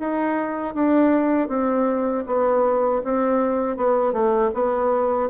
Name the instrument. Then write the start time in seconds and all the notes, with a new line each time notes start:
bassoon
0.00 D#4
0.75 D4
1.49 C4
2.26 B3
3.04 C4
3.77 B3
4.13 A3
4.54 B3